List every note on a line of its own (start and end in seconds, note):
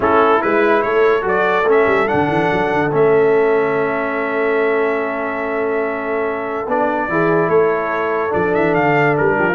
0.00 0.41 A3
0.00 0.40 C#4
0.00 0.83 E4
0.00 0.42 A4
0.40 0.85 G#3
0.40 1.21 E4
0.40 0.81 B4
0.81 1.23 A3
0.81 7.09 A4
0.81 1.23 C#5
1.21 1.64 F#3
1.21 1.63 F#4
1.27 1.69 D5
1.64 1.84 A3
1.64 2.07 C#4
1.71 2.08 E5
1.86 2.07 G3
2.07 2.90 D4
2.07 2.91 F#5
2.13 2.28 D3
2.28 2.48 E3
2.51 2.72 F#3
2.72 2.93 D3
2.91 6.67 A3
2.91 6.66 C#4
2.91 6.69 E5
6.67 7.08 B3
6.67 7.09 D4
6.67 7.49 D5
7.08 7.48 E3
7.08 8.29 E4
7.08 7.49 G#4
7.48 8.32 A3
7.48 9.37 A4
7.48 8.32 C#5
8.29 8.55 F3
8.29 9.54 D4
8.29 8.54 D5
8.54 8.75 E3
8.54 8.74 E5
8.74 9.17 D3
8.74 9.16 F5
9.16 9.38 G3
9.16 9.55 A#4
9.37 9.55 F3
9.37 9.48 G4
9.48 9.55 F4